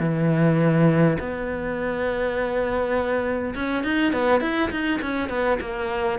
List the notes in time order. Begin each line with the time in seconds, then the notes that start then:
0.00 E3
1.19 B3
3.55 C#4
3.84 D#4
4.13 B3
4.41 E4
4.71 D#4
5.02 C#4
5.29 B3
5.61 A#3